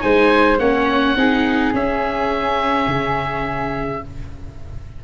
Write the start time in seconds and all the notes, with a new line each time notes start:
0.00 G#3 D#4 C5 G#5
0.59 A#3 C#4 C#5 F#5
1.15 C4 D#4 G#4
1.73 C#4 E5
2.87 C#3